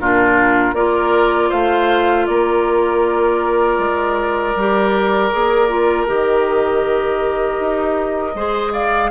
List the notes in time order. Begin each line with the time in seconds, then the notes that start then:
0.00 A#2 D4 F4 A#4
0.74 A#3 F4 A#4 D5
1.50 A3 C5 F5
2.27 A#3 A#4 D5
3.79 G#3
4.56 G3 G4
5.32 A#3 G#4
5.69 F4
6.07 D#3 G4 D#5
7.60 D#4
8.35 G#3 G#4 C5
8.73 D5 F5